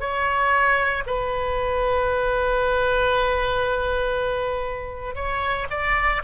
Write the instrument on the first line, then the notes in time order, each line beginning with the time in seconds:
oboe
0.00 C#5
1.07 B4
5.15 C#5
5.70 D5